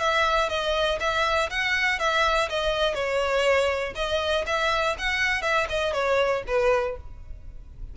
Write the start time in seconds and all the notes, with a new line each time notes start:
0.00 E5
0.49 D#5
1.00 E5
1.50 F#5
1.99 E5
2.50 D#5
2.95 C#5
3.96 D#5
4.47 E5
4.99 F#5
5.42 E5
5.70 D#5
5.94 C#5
6.48 B4